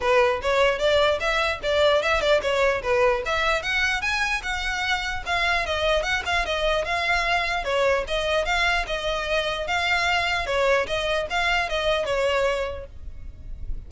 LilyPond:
\new Staff \with { instrumentName = "violin" } { \time 4/4 \tempo 4 = 149 b'4 cis''4 d''4 e''4 | d''4 e''8 d''8 cis''4 b'4 | e''4 fis''4 gis''4 fis''4~ | fis''4 f''4 dis''4 fis''8 f''8 |
dis''4 f''2 cis''4 | dis''4 f''4 dis''2 | f''2 cis''4 dis''4 | f''4 dis''4 cis''2 | }